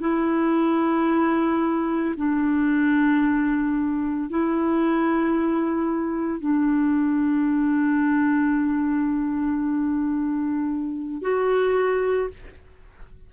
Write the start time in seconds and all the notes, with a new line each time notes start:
0.00 E4
2.17 D4
4.30 E4
6.40 D4
11.22 F#4